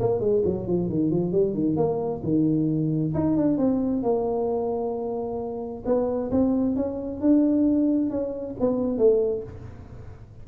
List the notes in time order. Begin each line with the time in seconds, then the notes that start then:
0.00 A#3
0.20 G#3
0.45 F#3
0.67 F3
0.89 D#3
1.11 F3
1.32 G3
1.54 D#3
1.76 A#3
2.23 D#3
3.14 D#4
3.37 D4
3.57 C4
4.03 A#3
5.86 B3
6.31 C4
6.76 C#4
7.21 D4
8.10 C#4
8.60 B3
8.98 A3